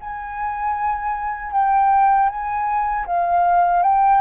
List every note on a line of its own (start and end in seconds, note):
0.00 1.52 G#5
1.52 2.29 G5
2.29 3.06 G#5
3.06 3.83 F5
3.83 4.21 G5